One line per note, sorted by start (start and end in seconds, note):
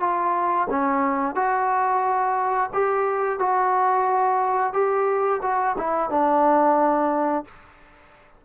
0.00 0.67 F4
0.70 1.35 C#4
1.35 2.70 F#4
2.73 3.39 G4
3.39 4.73 F#4
4.73 5.40 G4
5.42 5.75 F#4
5.77 6.09 E4
6.09 7.44 D4